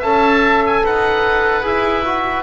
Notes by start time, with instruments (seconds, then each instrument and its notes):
0.00 double bass C#4, trombone A4, oboe E5 A5
0.67 oboe G#5
0.84 double bass D#4, oboe B4 F#5
1.62 double bass E4, trombone G#4, oboe E5
2.05 trombone F#4